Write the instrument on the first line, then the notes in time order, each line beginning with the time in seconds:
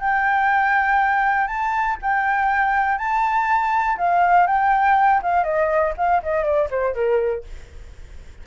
flute
0.00 G5
1.47 A5
2.02 G5
2.98 A5
3.97 F5
4.47 G5
5.22 F5
5.43 D#5
5.97 F5
6.23 D#5
6.44 D5
6.70 C5
6.94 A#4